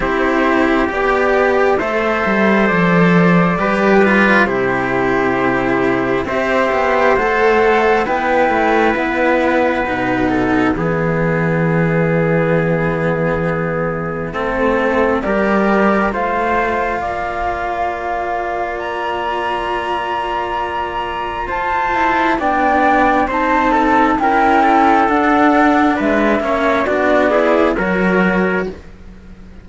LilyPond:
<<
  \new Staff \with { instrumentName = "flute" } { \time 4/4 \tempo 4 = 67 c''4 d''4 e''4 d''4~ | d''4 c''2 e''4 | fis''4 g''4 fis''2 | e''1~ |
e''4 d''4 f''2~ | f''4 ais''2. | a''4 g''4 a''4 g''4 | fis''4 e''4 d''4 cis''4 | }
  \new Staff \with { instrumentName = "trumpet" } { \time 4/4 g'2 c''2 | b'4 g'2 c''4~ | c''4 b'2~ b'8 a'8 | gis'1 |
a'4 ais'4 c''4 d''4~ | d''1 | c''4 d''4 c''8 a'8 ais'8 a'8~ | a'4 b'8 cis''8 fis'8 gis'8 ais'4 | }
  \new Staff \with { instrumentName = "cello" } { \time 4/4 e'4 g'4 a'2 | g'8 f'8 e'2 g'4 | a'4 e'2 dis'4 | b1 |
c'4 g'4 f'2~ | f'1~ | f'8 e'8 d'4 dis'4 e'4 | d'4. cis'8 d'8 e'8 fis'4 | }
  \new Staff \with { instrumentName = "cello" } { \time 4/4 c'4 b4 a8 g8 f4 | g4 c2 c'8 b8 | a4 b8 a8 b4 b,4 | e1 |
a4 g4 a4 ais4~ | ais1 | f'4 b4 c'4 cis'4 | d'4 gis8 ais8 b4 fis4 | }
>>